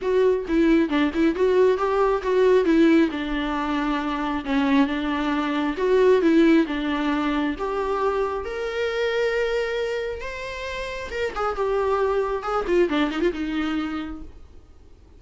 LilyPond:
\new Staff \with { instrumentName = "viola" } { \time 4/4 \tempo 4 = 135 fis'4 e'4 d'8 e'8 fis'4 | g'4 fis'4 e'4 d'4~ | d'2 cis'4 d'4~ | d'4 fis'4 e'4 d'4~ |
d'4 g'2 ais'4~ | ais'2. c''4~ | c''4 ais'8 gis'8 g'2 | gis'8 f'8 d'8 dis'16 f'16 dis'2 | }